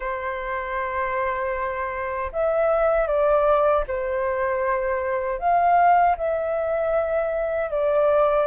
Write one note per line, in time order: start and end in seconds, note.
0.00 2.31 C5
2.32 3.07 E5
3.07 3.84 D5
3.87 5.38 C5
5.38 6.15 F5
6.17 7.70 E5
7.70 8.46 D5